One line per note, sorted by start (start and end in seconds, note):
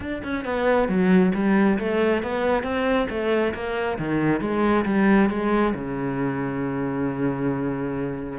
0.00 0.22 D4
0.23 0.44 C#4
0.44 0.88 B3
0.88 1.32 F#3
1.34 1.78 G3
1.78 2.22 A3
2.22 2.63 B3
2.63 3.07 C4
3.09 3.53 A3
3.53 3.97 A#3
3.98 4.40 D#3
4.40 4.84 G#3
4.85 5.29 G3
5.29 5.74 G#3
5.74 8.39 C#3